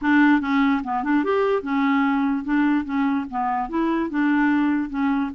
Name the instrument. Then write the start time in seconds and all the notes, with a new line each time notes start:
clarinet
0.01 D4
0.40 C#4
0.83 B3
1.03 D4
1.23 G4
1.62 C#4
2.44 D4
2.84 C#4
3.30 B3
3.69 E4
4.10 D4
4.89 C#4